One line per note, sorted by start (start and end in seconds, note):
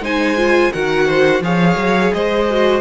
0.00 0.70 G#3
0.00 0.37 D#4
0.00 0.72 C5
0.00 0.73 G#5
0.37 0.72 F4
0.73 1.40 D#3
0.73 1.43 F#4
0.73 1.07 A#4
0.73 1.43 F#5
1.07 1.42 C5
1.40 1.75 F3
1.40 2.48 G#4
1.40 2.14 C#5
1.40 2.13 F5
1.77 2.11 F#3
2.13 2.81 G#3
2.13 2.81 C5
2.13 2.81 D#5
2.50 2.81 F#4